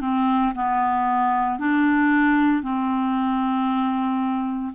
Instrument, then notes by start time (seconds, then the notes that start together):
clarinet
0.00 C4
0.55 B3
1.58 D4
2.62 C4